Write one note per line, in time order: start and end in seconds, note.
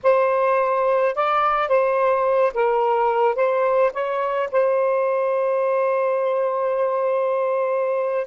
0.03 1.15 C5
1.15 1.68 D5
1.68 2.52 C5
2.54 3.35 A#4
3.35 3.91 C5
3.93 4.49 C#5
4.51 8.27 C5